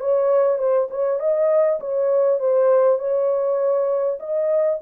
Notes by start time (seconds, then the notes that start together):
0.00 C#5
0.58 C5
0.90 C#5
1.19 D#5
1.80 C#5
2.40 C5
2.99 C#5
4.19 D#5